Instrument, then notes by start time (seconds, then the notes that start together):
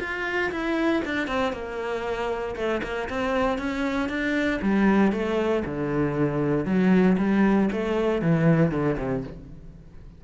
cello
0.00 F4
0.52 E4
1.05 D4
1.28 C4
1.53 A#3
2.56 A3
2.83 A#3
3.10 C4
3.59 C#4
4.09 D4
4.62 G3
5.12 A3
5.65 D3
6.65 F#3
7.18 G3
7.72 A3
8.22 E3
8.72 D3
8.98 C3